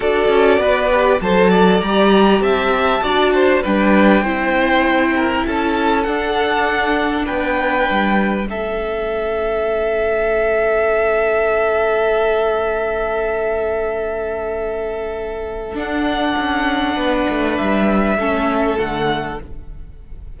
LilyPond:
<<
  \new Staff \with { instrumentName = "violin" } { \time 4/4 \tempo 4 = 99 d''2 a''4 ais''4 | a''2 g''2~ | g''4 a''4 fis''2 | g''2 e''2~ |
e''1~ | e''1~ | e''2 fis''2~ | fis''4 e''2 fis''4 | }
  \new Staff \with { instrumentName = "violin" } { \time 4/4 a'4 b'4 c''8 d''4. | e''4 d''8 c''8 b'4 c''4~ | c''8 ais'8 a'2. | b'2 a'2~ |
a'1~ | a'1~ | a'1 | b'2 a'2 | }
  \new Staff \with { instrumentName = "viola" } { \time 4/4 fis'4. g'8 a'4 g'4~ | g'4 fis'4 d'4 e'4~ | e'2 d'2~ | d'2 cis'2~ |
cis'1~ | cis'1~ | cis'2 d'2~ | d'2 cis'4 a4 | }
  \new Staff \with { instrumentName = "cello" } { \time 4/4 d'8 cis'8 b4 fis4 g4 | c'4 d'4 g4 c'4~ | c'4 cis'4 d'2 | b4 g4 a2~ |
a1~ | a1~ | a2 d'4 cis'4 | b8 a8 g4 a4 d4 | }
>>